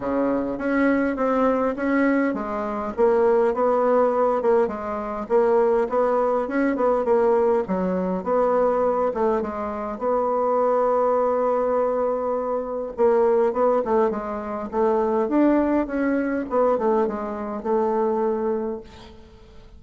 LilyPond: \new Staff \with { instrumentName = "bassoon" } { \time 4/4 \tempo 4 = 102 cis4 cis'4 c'4 cis'4 | gis4 ais4 b4. ais8 | gis4 ais4 b4 cis'8 b8 | ais4 fis4 b4. a8 |
gis4 b2.~ | b2 ais4 b8 a8 | gis4 a4 d'4 cis'4 | b8 a8 gis4 a2 | }